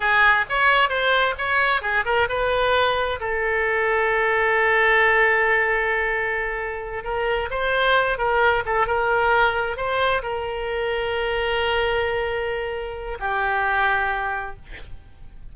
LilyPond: \new Staff \with { instrumentName = "oboe" } { \time 4/4 \tempo 4 = 132 gis'4 cis''4 c''4 cis''4 | gis'8 ais'8 b'2 a'4~ | a'1~ | a'2.~ a'8 ais'8~ |
ais'8 c''4. ais'4 a'8 ais'8~ | ais'4. c''4 ais'4.~ | ais'1~ | ais'4 g'2. | }